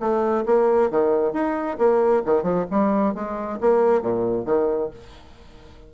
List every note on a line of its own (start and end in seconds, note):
0.00 0.45 A3
0.46 0.91 A#3
0.91 1.33 D#3
1.33 1.78 D#4
1.78 2.23 A#3
2.26 2.43 D#3
2.43 2.66 F3
2.71 3.15 G3
3.15 3.60 G#3
3.61 4.02 A#3
4.02 4.46 A#2
4.46 4.91 D#3